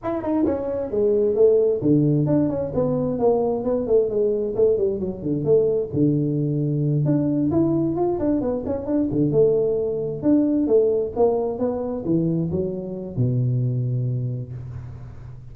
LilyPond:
\new Staff \with { instrumentName = "tuba" } { \time 4/4 \tempo 4 = 132 e'8 dis'8 cis'4 gis4 a4 | d4 d'8 cis'8 b4 ais4 | b8 a8 gis4 a8 g8 fis8 d8 | a4 d2~ d8 d'8~ |
d'8 e'4 f'8 d'8 b8 cis'8 d'8 | d8 a2 d'4 a8~ | a8 ais4 b4 e4 fis8~ | fis4 b,2. | }